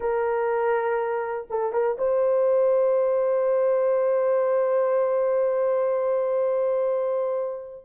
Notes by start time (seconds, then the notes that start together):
0.00 A#4
1.50 A4
1.72 A#4
1.98 C5